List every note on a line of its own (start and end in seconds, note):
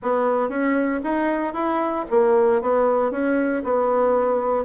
0.02 0.49 B3
0.49 1.01 C#4
1.03 1.53 D#4
1.53 2.05 E4
2.10 2.61 A#3
2.61 3.11 B3
3.11 3.62 C#4
3.63 4.64 B3